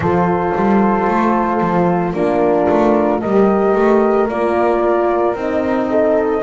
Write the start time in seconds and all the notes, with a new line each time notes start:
0.00 F3 F4 A4 C5
0.55 G3
1.07 A3
1.60 F3
2.13 A#3 D4 F4 A#4
2.69 A3
3.20 G3 G4 A#4 D#5
3.75 A3
4.28 A#3 F4 D5
5.34 C4 D#4 D#5
5.90 A4